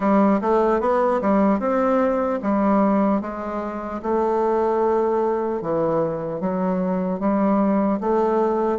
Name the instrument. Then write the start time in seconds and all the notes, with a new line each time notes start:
bassoon
0.00 G3
0.41 A3
0.80 B3
1.21 G3
1.59 C4
2.42 G3
3.21 G#3
4.02 A3
5.61 E3
6.40 F#3
7.19 G3
8.00 A3